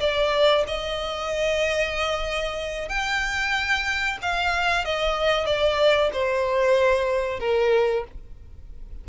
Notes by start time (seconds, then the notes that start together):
0.00 D5
0.67 D#5
2.89 G5
4.22 F5
4.84 D#5
5.46 D5
6.13 C5
7.40 A#4